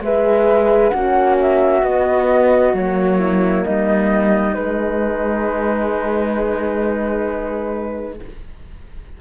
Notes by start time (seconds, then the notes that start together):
0.00 G#3 G#4 B4 E5
0.89 A#3 C#4 F#4 F#5
1.40 E5
1.82 B3 D#5
2.73 F#3 A#3 C#5
3.19 E4
3.63 G3 D#4 D#5
4.54 G#3 B4